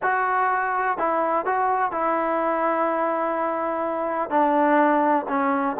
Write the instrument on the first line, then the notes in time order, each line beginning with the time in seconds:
trombone
0.02 F#4
0.97 E4
1.45 F#4
1.91 E4
4.29 D4
5.28 C#4